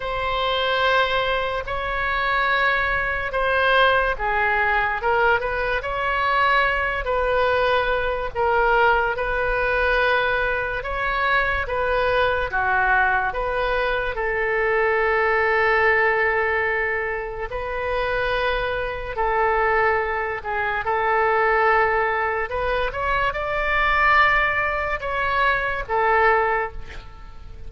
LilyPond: \new Staff \with { instrumentName = "oboe" } { \time 4/4 \tempo 4 = 72 c''2 cis''2 | c''4 gis'4 ais'8 b'8 cis''4~ | cis''8 b'4. ais'4 b'4~ | b'4 cis''4 b'4 fis'4 |
b'4 a'2.~ | a'4 b'2 a'4~ | a'8 gis'8 a'2 b'8 cis''8 | d''2 cis''4 a'4 | }